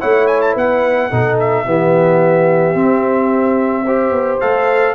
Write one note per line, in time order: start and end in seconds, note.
0.00 0.56 A3
0.00 1.11 E4
0.00 0.53 C#5
0.00 0.27 F#5
0.27 0.41 G#5
0.41 0.55 A5
0.53 1.11 B3
0.53 1.08 B4
0.53 1.39 F#5
1.09 1.66 B2
1.09 1.66 D#4
1.09 1.64 A4
1.39 4.40 E5
1.66 2.75 E3
1.66 2.75 B3
1.66 3.84 G4
2.75 4.11 C4
2.75 3.85 C4
3.84 4.41 G4
3.84 4.94 C5
4.11 4.38 B3
4.40 4.94 A3
4.40 4.94 A4
4.40 4.94 F5